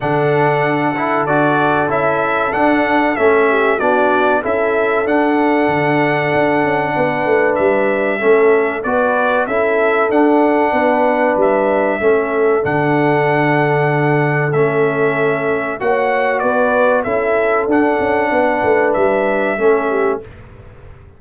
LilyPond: <<
  \new Staff \with { instrumentName = "trumpet" } { \time 4/4 \tempo 4 = 95 fis''2 d''4 e''4 | fis''4 e''4 d''4 e''4 | fis''1 | e''2 d''4 e''4 |
fis''2 e''2 | fis''2. e''4~ | e''4 fis''4 d''4 e''4 | fis''2 e''2 | }
  \new Staff \with { instrumentName = "horn" } { \time 4/4 a'1~ | a'4. g'8 fis'4 a'4~ | a'2. b'4~ | b'4 a'4 b'4 a'4~ |
a'4 b'2 a'4~ | a'1~ | a'4 cis''4 b'4 a'4~ | a'4 b'2 a'8 g'8 | }
  \new Staff \with { instrumentName = "trombone" } { \time 4/4 d'4. e'8 fis'4 e'4 | d'4 cis'4 d'4 e'4 | d'1~ | d'4 cis'4 fis'4 e'4 |
d'2. cis'4 | d'2. cis'4~ | cis'4 fis'2 e'4 | d'2. cis'4 | }
  \new Staff \with { instrumentName = "tuba" } { \time 4/4 d2 d'4 cis'4 | d'4 a4 b4 cis'4 | d'4 d4 d'8 cis'8 b8 a8 | g4 a4 b4 cis'4 |
d'4 b4 g4 a4 | d2. a4~ | a4 ais4 b4 cis'4 | d'8 cis'8 b8 a8 g4 a4 | }
>>